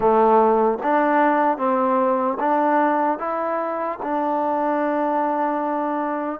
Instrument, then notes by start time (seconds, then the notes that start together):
trombone
0.00 A3
0.82 D4
1.57 C4
2.39 D4
3.19 E4
4.02 D4